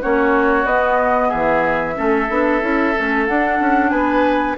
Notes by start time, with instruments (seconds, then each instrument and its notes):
0.00 bassoon A#3, clarinet C#4, oboe F#4, flute C#5
0.64 bassoon B3, clarinet B3, flute D#5
1.28 bassoon E3, oboe G#4, flute E5
1.94 bassoon A3, clarinet C#4, oboe A4
2.29 bassoon B3, clarinet D4
2.60 bassoon C#4, clarinet E4
2.95 bassoon A3, clarinet C#4
3.26 clarinet D4, bassoon D4, flute F#5
3.60 bassoon C#4
3.89 bassoon B3, oboe B4, flute G#5